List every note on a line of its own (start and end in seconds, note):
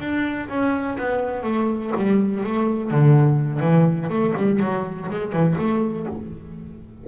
0.00 0.48 D4
0.48 0.97 C#4
0.98 1.43 B3
1.43 1.92 A3
1.97 2.43 G3
2.43 2.91 A3
2.91 3.60 D3
3.60 4.08 E3
4.10 4.34 A3
4.37 4.59 G3
4.59 5.08 F#3
5.10 5.32 G#3
5.32 5.56 E3
5.58 6.06 A3